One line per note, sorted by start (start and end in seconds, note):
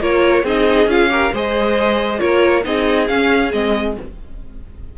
0.00 0.43 A#3
0.00 0.45 F4
0.00 0.44 A#4
0.00 0.46 C#5
0.43 0.86 C4
0.43 0.89 D#4
0.43 1.10 G#4
0.43 0.90 D#5
0.86 1.30 C#4
0.86 1.09 F4
0.86 1.34 F5
1.09 1.31 G4
1.09 1.33 A#4
1.33 2.21 G#3
1.33 2.19 G#4
1.33 2.20 C5
1.33 2.19 D#5
2.19 2.65 A#3
2.19 2.62 F4
2.19 2.64 A#4
2.19 2.63 C#5
2.64 3.09 C4
2.64 3.07 D#4
2.64 3.98 G#4
2.64 3.08 D#5
3.08 3.52 C#4
3.08 3.53 C#4
3.08 3.51 F5
3.53 3.97 G#3
3.53 3.97 C4
3.53 3.96 D#5